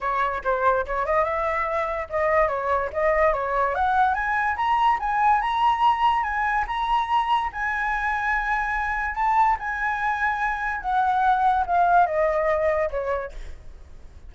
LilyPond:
\new Staff \with { instrumentName = "flute" } { \time 4/4 \tempo 4 = 144 cis''4 c''4 cis''8 dis''8 e''4~ | e''4 dis''4 cis''4 dis''4 | cis''4 fis''4 gis''4 ais''4 | gis''4 ais''2 gis''4 |
ais''2 gis''2~ | gis''2 a''4 gis''4~ | gis''2 fis''2 | f''4 dis''2 cis''4 | }